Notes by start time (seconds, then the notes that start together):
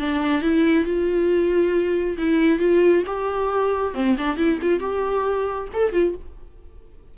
0.00 D4
0.42 E4
0.85 F4
2.18 E4
2.59 F4
3.07 G4
3.94 C4
4.18 D4
4.37 E4
4.62 F4
4.80 G4
5.74 A4
5.93 F4